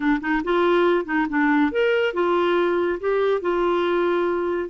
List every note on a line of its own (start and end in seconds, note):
0.00 0.20 D4
0.20 0.42 D#4
0.44 1.05 F4
1.05 1.26 D#4
1.29 1.71 D4
1.71 2.13 A#4
2.13 2.99 F4
3.00 3.41 G4
3.41 4.69 F4